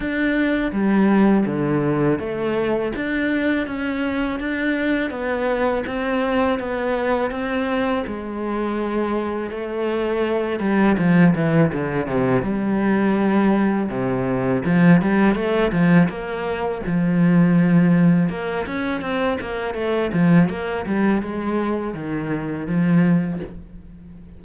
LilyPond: \new Staff \with { instrumentName = "cello" } { \time 4/4 \tempo 4 = 82 d'4 g4 d4 a4 | d'4 cis'4 d'4 b4 | c'4 b4 c'4 gis4~ | gis4 a4. g8 f8 e8 |
d8 c8 g2 c4 | f8 g8 a8 f8 ais4 f4~ | f4 ais8 cis'8 c'8 ais8 a8 f8 | ais8 g8 gis4 dis4 f4 | }